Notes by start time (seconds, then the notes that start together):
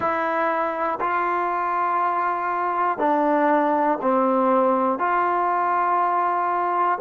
0.00 E4
1.00 F4
2.98 D4
4.01 C4
4.98 F4